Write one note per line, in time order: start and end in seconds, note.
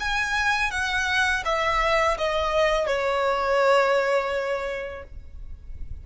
0.00 0.71 G#5
0.71 1.43 F#5
1.45 2.18 E5
2.18 2.87 D#5
2.87 5.04 C#5